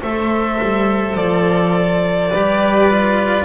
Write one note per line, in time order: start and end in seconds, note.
0.00 0.60 A3
0.00 2.32 A4
0.00 2.31 C5
0.00 1.17 E5
0.62 1.15 G3
1.15 2.30 F3
1.15 3.45 D5
2.31 3.45 G3
2.31 2.90 G4
2.31 3.45 B4
2.90 3.45 F4